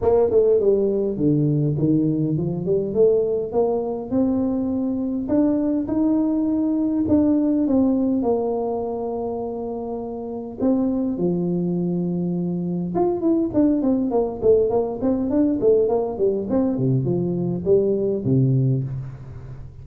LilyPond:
\new Staff \with { instrumentName = "tuba" } { \time 4/4 \tempo 4 = 102 ais8 a8 g4 d4 dis4 | f8 g8 a4 ais4 c'4~ | c'4 d'4 dis'2 | d'4 c'4 ais2~ |
ais2 c'4 f4~ | f2 f'8 e'8 d'8 c'8 | ais8 a8 ais8 c'8 d'8 a8 ais8 g8 | c'8 c8 f4 g4 c4 | }